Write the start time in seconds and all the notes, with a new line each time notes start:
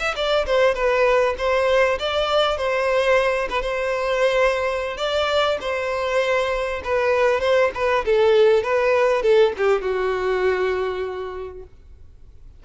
0.00 E5
0.16 D5
0.46 C5
0.75 B4
1.38 C5
1.99 D5
2.58 C5
3.50 B4
3.62 C5
4.98 D5
5.61 C5
6.84 B4
7.41 C5
7.75 B4
8.06 A4
8.64 B4
9.23 A4
9.58 G4
9.82 F#4